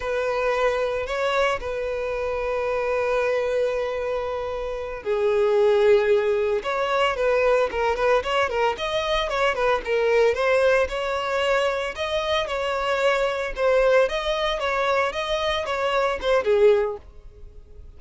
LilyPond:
\new Staff \with { instrumentName = "violin" } { \time 4/4 \tempo 4 = 113 b'2 cis''4 b'4~ | b'1~ | b'4. gis'2~ gis'8~ | gis'8 cis''4 b'4 ais'8 b'8 cis''8 |
ais'8 dis''4 cis''8 b'8 ais'4 c''8~ | c''8 cis''2 dis''4 cis''8~ | cis''4. c''4 dis''4 cis''8~ | cis''8 dis''4 cis''4 c''8 gis'4 | }